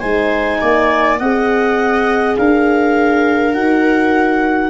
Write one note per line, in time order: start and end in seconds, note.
0.00 0.61 G#3
0.00 1.19 D#4
0.00 0.59 C5
0.00 1.18 G#5
0.61 1.20 A#3
0.61 1.19 D5
1.19 2.37 C4
1.19 3.53 G#4
1.19 2.37 D#5
1.19 2.36 F#5
2.37 3.55 D4
2.37 4.70 A#4
2.37 3.54 F5
3.53 4.70 D#4
3.53 4.70 F#4
3.53 4.70 F#5